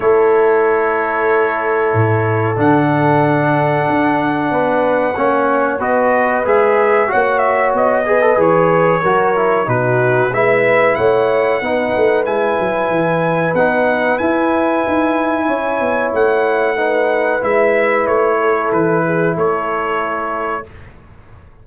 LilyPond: <<
  \new Staff \with { instrumentName = "trumpet" } { \time 4/4 \tempo 4 = 93 cis''1 | fis''1~ | fis''4 dis''4 e''4 fis''8 e''8 | dis''4 cis''2 b'4 |
e''4 fis''2 gis''4~ | gis''4 fis''4 gis''2~ | gis''4 fis''2 e''4 | cis''4 b'4 cis''2 | }
  \new Staff \with { instrumentName = "horn" } { \time 4/4 a'1~ | a'2. b'4 | cis''4 b'2 cis''4~ | cis''8 b'4. ais'4 fis'4 |
b'4 cis''4 b'2~ | b'1 | cis''2 b'2~ | b'8 a'4 gis'8 a'2 | }
  \new Staff \with { instrumentName = "trombone" } { \time 4/4 e'1 | d'1 | cis'4 fis'4 gis'4 fis'4~ | fis'8 gis'16 a'16 gis'4 fis'8 e'8 dis'4 |
e'2 dis'4 e'4~ | e'4 dis'4 e'2~ | e'2 dis'4 e'4~ | e'1 | }
  \new Staff \with { instrumentName = "tuba" } { \time 4/4 a2. a,4 | d2 d'4 b4 | ais4 b4 gis4 ais4 | b4 e4 fis4 b,4 |
gis4 a4 b8 a8 gis8 fis8 | e4 b4 e'4 dis'4 | cis'8 b8 a2 gis4 | a4 e4 a2 | }
>>